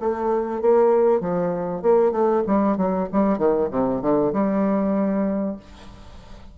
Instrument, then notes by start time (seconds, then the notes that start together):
bassoon
0.00 A3
0.61 A#3
1.20 F3
1.82 A#3
2.11 A3
2.47 G3
2.77 F#3
3.12 G3
3.38 D#3
3.71 C3
4.01 D3
4.33 G3